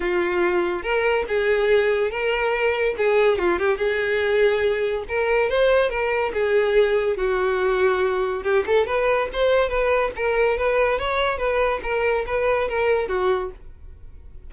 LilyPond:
\new Staff \with { instrumentName = "violin" } { \time 4/4 \tempo 4 = 142 f'2 ais'4 gis'4~ | gis'4 ais'2 gis'4 | f'8 g'8 gis'2. | ais'4 c''4 ais'4 gis'4~ |
gis'4 fis'2. | g'8 a'8 b'4 c''4 b'4 | ais'4 b'4 cis''4 b'4 | ais'4 b'4 ais'4 fis'4 | }